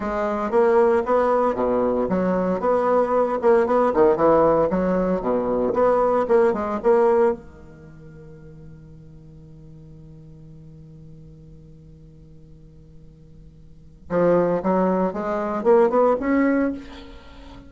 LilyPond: \new Staff \with { instrumentName = "bassoon" } { \time 4/4 \tempo 4 = 115 gis4 ais4 b4 b,4 | fis4 b4. ais8 b8 dis8 | e4 fis4 b,4 b4 | ais8 gis8 ais4 dis2~ |
dis1~ | dis1~ | dis2. f4 | fis4 gis4 ais8 b8 cis'4 | }